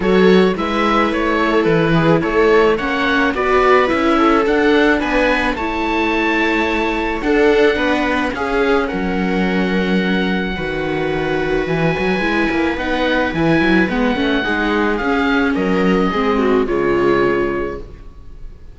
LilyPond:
<<
  \new Staff \with { instrumentName = "oboe" } { \time 4/4 \tempo 4 = 108 cis''4 e''4 cis''4 b'4 | cis''4 fis''4 d''4 e''4 | fis''4 gis''4 a''2~ | a''4 fis''2 f''4 |
fis''1~ | fis''4 gis''2 fis''4 | gis''4 fis''2 f''4 | dis''2 cis''2 | }
  \new Staff \with { instrumentName = "viola" } { \time 4/4 a'4 b'4. a'4 gis'8 | a'4 cis''4 b'4. a'8~ | a'4 b'4 cis''2~ | cis''4 a'4 b'4 gis'4 |
ais'2. b'4~ | b'1~ | b'2 gis'2 | ais'4 gis'8 fis'8 f'2 | }
  \new Staff \with { instrumentName = "viola" } { \time 4/4 fis'4 e'2.~ | e'4 cis'4 fis'4 e'4 | d'2 e'2~ | e'4 d'2 cis'4~ |
cis'2. fis'4~ | fis'2 e'4 dis'4 | e'4 b8 cis'8 dis'4 cis'4~ | cis'4 c'4 gis2 | }
  \new Staff \with { instrumentName = "cello" } { \time 4/4 fis4 gis4 a4 e4 | a4 ais4 b4 cis'4 | d'4 b4 a2~ | a4 d'4 b4 cis'4 |
fis2. dis4~ | dis4 e8 fis8 gis8 ais8 b4 | e8 fis8 gis8 a8 gis4 cis'4 | fis4 gis4 cis2 | }
>>